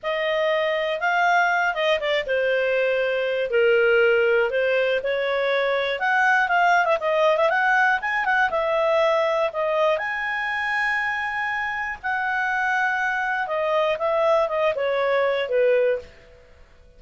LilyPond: \new Staff \with { instrumentName = "clarinet" } { \time 4/4 \tempo 4 = 120 dis''2 f''4. dis''8 | d''8 c''2~ c''8 ais'4~ | ais'4 c''4 cis''2 | fis''4 f''8. e''16 dis''8. e''16 fis''4 |
gis''8 fis''8 e''2 dis''4 | gis''1 | fis''2. dis''4 | e''4 dis''8 cis''4. b'4 | }